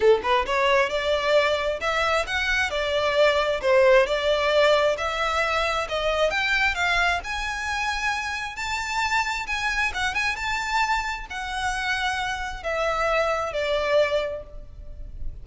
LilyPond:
\new Staff \with { instrumentName = "violin" } { \time 4/4 \tempo 4 = 133 a'8 b'8 cis''4 d''2 | e''4 fis''4 d''2 | c''4 d''2 e''4~ | e''4 dis''4 g''4 f''4 |
gis''2. a''4~ | a''4 gis''4 fis''8 gis''8 a''4~ | a''4 fis''2. | e''2 d''2 | }